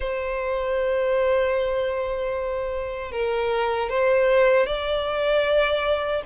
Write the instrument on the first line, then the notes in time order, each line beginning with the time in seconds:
violin
0.00 C5
3.11 A#4
3.89 C5
4.66 D5